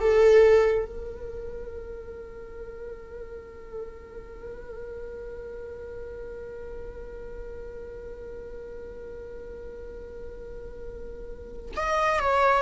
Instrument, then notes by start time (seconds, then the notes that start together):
viola
0.00 A4
0.85 A#4
11.76 D#5
12.19 C#5